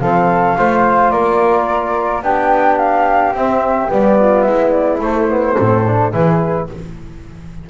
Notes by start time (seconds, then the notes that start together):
0.00 F3 C4 A4 F5
0.57 A3 F4 C5
1.10 A#3 A#4 D5
2.23 B3 D4 G4 G5
2.78 F5
3.34 C4 E5
3.88 G3 B3 D5
4.19 F4
4.42 G#3 E5
4.48 E4
4.70 D5
5.01 A3 C5
5.28 B3
5.57 A2 C4 A4
5.87 D4
6.12 E3 E4 G#4 B4